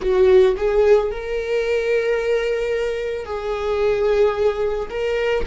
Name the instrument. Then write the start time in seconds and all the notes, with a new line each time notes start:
viola
0.01 F#4
0.57 G#4
1.11 A#4
3.25 G#4
4.89 A#4